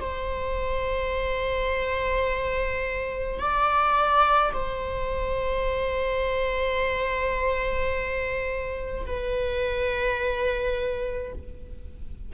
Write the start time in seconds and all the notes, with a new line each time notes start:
0.00 C5
3.40 D5
4.53 C5
9.06 B4